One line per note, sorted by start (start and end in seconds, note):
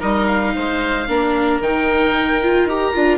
0.00 0.55 G3
0.00 1.06 D#4
0.00 0.53 A#4
0.00 0.27 D#5
0.27 1.60 F5
0.55 1.08 G#3
0.55 1.08 C5
1.08 1.60 A#3
1.08 1.62 D4
1.08 3.17 A#4
1.60 2.65 D#3
1.60 2.43 D#4
1.60 2.68 G5
2.43 2.69 F4
2.65 2.91 D#4
2.65 2.94 G4
2.65 3.17 A#5
2.94 3.17 D4
2.94 3.17 F4